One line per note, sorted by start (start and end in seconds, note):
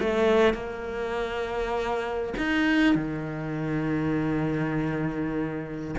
0.00 0.54 A3
0.54 2.34 A#3
2.38 2.95 D#4
2.95 5.95 D#3